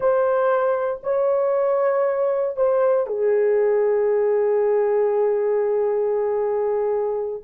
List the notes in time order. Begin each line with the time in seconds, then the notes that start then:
0.00 C5
1.03 C#5
2.56 C5
3.06 G#4